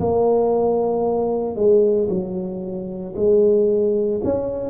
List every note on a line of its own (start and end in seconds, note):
0.00 1.56 A#3
1.56 2.08 G#3
2.09 3.14 F#3
3.16 4.21 G#3
4.23 4.70 C#4